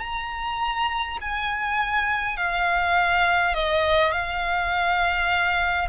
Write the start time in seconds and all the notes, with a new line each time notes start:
0.00 A#5
1.21 G#5
2.37 F5
3.54 D#5
4.12 F5